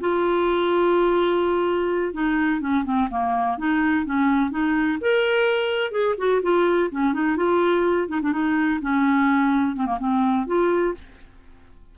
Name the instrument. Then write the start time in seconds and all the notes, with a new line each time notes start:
clarinet
0.00 F4
2.13 D#4
2.60 C#4
2.84 C4
3.10 A#3
3.58 D#4
4.05 C#4
4.51 D#4
5.01 A#4
5.91 G#4
6.18 F#4
6.42 F4
6.91 C#4
7.13 D#4
7.37 F4
8.08 D#4
8.21 D4
8.32 D#4
8.81 C#4
9.76 C4
9.86 A#3
9.99 C4
10.46 F4